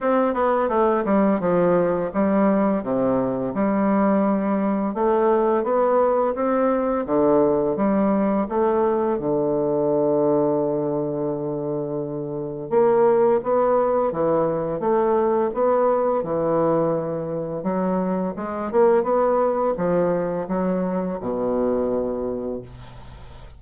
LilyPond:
\new Staff \with { instrumentName = "bassoon" } { \time 4/4 \tempo 4 = 85 c'8 b8 a8 g8 f4 g4 | c4 g2 a4 | b4 c'4 d4 g4 | a4 d2.~ |
d2 ais4 b4 | e4 a4 b4 e4~ | e4 fis4 gis8 ais8 b4 | f4 fis4 b,2 | }